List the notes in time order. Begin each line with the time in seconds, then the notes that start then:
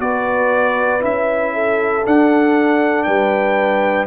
0.00 B3 F#4 B4 D5
1.00 C#4 E4 E5
1.54 A4
2.05 D4 F#5
3.04 G3 B4 G5